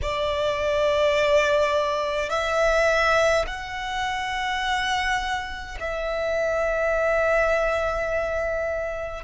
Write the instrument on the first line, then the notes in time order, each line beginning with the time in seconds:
violin
0.02 D5
2.29 E5
3.46 F#5
5.80 E5